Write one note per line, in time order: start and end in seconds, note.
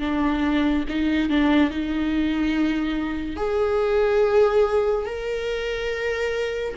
0.00 0.85 D4
0.89 1.30 D#4
1.30 1.71 D4
1.71 3.37 D#4
3.37 5.06 G#4
5.06 6.75 A#4